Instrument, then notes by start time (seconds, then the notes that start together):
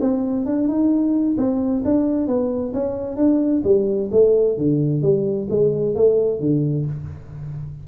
tuba
0.00 C4
0.45 D4
0.67 D#4
1.37 C4
1.84 D4
2.27 B3
2.73 C#4
3.16 D4
3.64 G3
4.11 A3
4.57 D3
5.02 G3
5.50 G#3
5.95 A3
6.40 D3